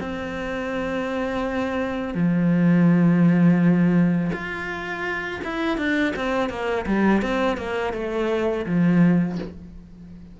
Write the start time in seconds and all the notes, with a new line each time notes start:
0.00 C4
2.14 F3
4.32 F4
5.44 E4
5.77 D4
6.16 C4
6.49 A#3
6.86 G3
7.22 C4
7.57 A#3
7.93 A3
8.66 F3